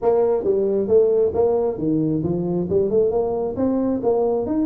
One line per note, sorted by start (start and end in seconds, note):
0.02 0.43 A#3
0.43 0.87 G3
0.87 1.32 A3
1.34 1.78 A#3
1.78 2.22 D#3
2.23 2.67 F3
2.69 2.89 G3
2.89 3.10 A3
3.10 3.55 A#3
3.56 4.00 C4
4.02 4.46 A#3
4.46 4.65 D#4